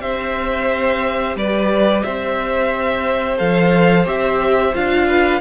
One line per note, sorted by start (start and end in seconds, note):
0.00 1.36 C4
0.00 3.37 G4
0.00 1.37 C5
0.00 1.35 E5
1.36 2.03 G3
1.36 2.05 B4
1.36 2.03 D5
2.03 3.40 C4
2.03 5.07 C5
2.03 3.37 E5
3.37 4.06 F3
3.37 4.05 A4
3.37 4.06 F5
4.05 4.73 C4
4.05 4.72 G4
4.05 4.75 E5
4.73 5.41 D4
4.73 5.41 F4
4.73 5.41 F5
5.07 5.41 B4